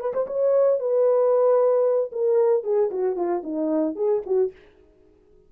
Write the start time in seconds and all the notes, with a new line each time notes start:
0.00 B4
0.14 C5
0.27 C#5
0.80 B4
2.12 A#4
2.64 G#4
2.91 F#4
3.16 F4
3.44 D#4
3.96 G#4
4.26 F#4